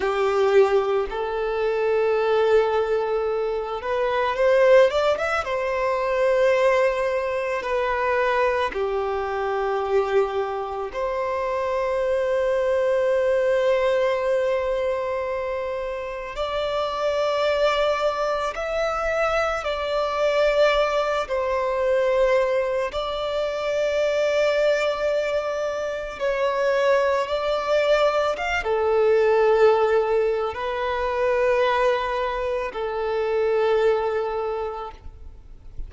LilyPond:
\new Staff \with { instrumentName = "violin" } { \time 4/4 \tempo 4 = 55 g'4 a'2~ a'8 b'8 | c''8 d''16 e''16 c''2 b'4 | g'2 c''2~ | c''2. d''4~ |
d''4 e''4 d''4. c''8~ | c''4 d''2. | cis''4 d''4 f''16 a'4.~ a'16 | b'2 a'2 | }